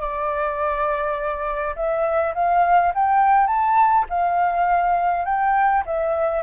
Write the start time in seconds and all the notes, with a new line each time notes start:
0.00 D5
1.76 E5
2.35 F5
2.94 G5
3.47 A5
4.09 F5
5.25 G5
5.86 E5